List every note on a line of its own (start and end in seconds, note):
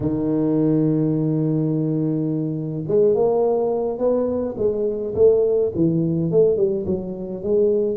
0.00 2.84 D#3
2.87 3.15 G#3
3.15 3.98 A#3
3.98 4.55 B3
4.57 5.14 G#3
5.14 5.71 A3
5.75 6.31 E3
6.31 6.56 A3
6.56 6.85 G3
6.85 7.43 F#3
7.43 7.96 G#3